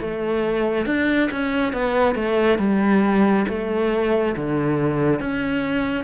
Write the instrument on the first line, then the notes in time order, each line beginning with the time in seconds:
cello
0.00 A3
0.86 D4
1.31 C#4
1.72 B3
2.15 A3
2.58 G3
3.48 A3
4.36 D3
5.20 C#4